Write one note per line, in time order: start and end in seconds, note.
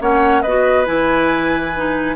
0.00 0.44 A#3
0.00 0.43 C#4
0.00 0.42 C#5
0.00 0.41 F#5
0.41 0.87 B3
0.41 0.85 F#4
0.41 2.15 B4
0.41 0.85 D#5
0.85 2.15 E3
0.85 1.72 E4
0.85 2.15 G#5
1.76 2.15 D#4